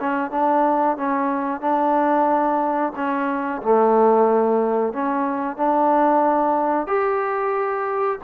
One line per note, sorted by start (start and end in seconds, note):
0.00 0.31 C#4
0.31 0.97 D4
0.97 1.61 C#4
1.61 2.93 D4
2.96 3.62 C#4
3.62 4.93 A3
4.93 5.57 C#4
5.57 6.87 D4
6.87 8.19 G4